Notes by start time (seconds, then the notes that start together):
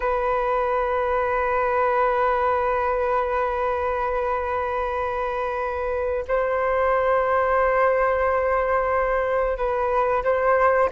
0.00 B4
6.28 C5
9.57 B4
10.23 C5